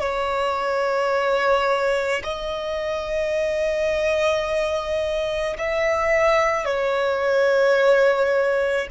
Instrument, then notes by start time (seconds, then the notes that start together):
violin
0.00 C#5
2.23 D#5
5.58 E5
6.65 C#5